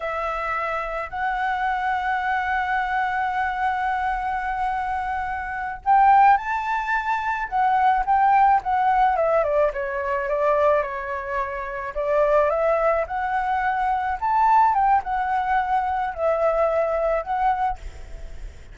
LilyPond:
\new Staff \with { instrumentName = "flute" } { \time 4/4 \tempo 4 = 108 e''2 fis''2~ | fis''1~ | fis''2~ fis''8 g''4 a''8~ | a''4. fis''4 g''4 fis''8~ |
fis''8 e''8 d''8 cis''4 d''4 cis''8~ | cis''4. d''4 e''4 fis''8~ | fis''4. a''4 g''8 fis''4~ | fis''4 e''2 fis''4 | }